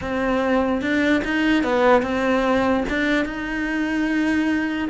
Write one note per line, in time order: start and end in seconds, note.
0.01 0.81 C4
0.81 1.22 D4
1.24 1.63 D#4
1.63 2.02 B3
2.02 2.84 C4
2.89 3.25 D4
3.25 4.88 D#4